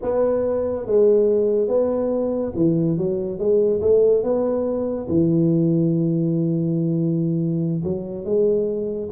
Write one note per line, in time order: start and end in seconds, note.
0.02 0.86 B3
0.86 1.68 G#3
1.68 2.52 B3
2.55 2.97 E3
2.97 3.38 F#3
3.38 3.80 G#3
3.81 4.23 A3
4.23 5.07 B3
5.08 7.82 E3
7.84 8.24 F#3
8.24 9.09 G#3